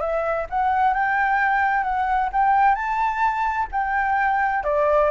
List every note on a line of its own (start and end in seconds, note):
0.00 0.46 E5
0.50 0.94 F#5
0.94 1.83 G5
1.83 2.29 F#5
2.32 2.75 G5
2.75 3.67 A5
3.72 4.64 G5
4.64 5.10 D5